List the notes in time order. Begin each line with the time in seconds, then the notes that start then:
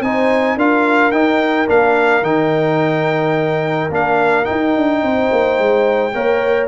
0.00 C4 D#4 C5 G#5
0.56 D4 F4 A#4 F5
1.11 D#4 G5
1.67 A#3 D4 F5
2.22 D#3 D#4 G5
3.90 A#3 D4 F5
4.44 D#4 G5
4.50 D#4
4.76 D4
5.02 C4 C5
5.31 A#3
5.58 G#3
6.13 A#3 A#4 C#5